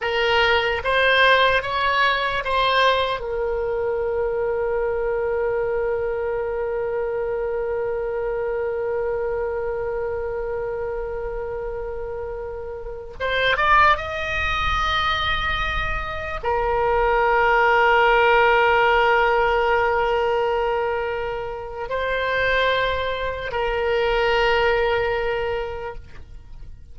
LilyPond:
\new Staff \with { instrumentName = "oboe" } { \time 4/4 \tempo 4 = 74 ais'4 c''4 cis''4 c''4 | ais'1~ | ais'1~ | ais'1~ |
ais'16 c''8 d''8 dis''2~ dis''8.~ | dis''16 ais'2.~ ais'8.~ | ais'2. c''4~ | c''4 ais'2. | }